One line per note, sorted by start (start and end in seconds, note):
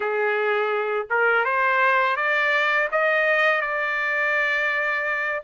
0.00 1.06 G#4
1.10 1.45 A#4
1.45 2.16 C5
2.16 2.88 D5
2.91 3.61 D#5
3.61 5.42 D5